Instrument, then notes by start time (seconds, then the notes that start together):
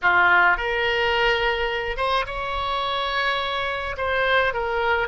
oboe
0.02 F4
0.57 A#4
1.97 C5
2.26 C#5
3.97 C5
4.53 A#4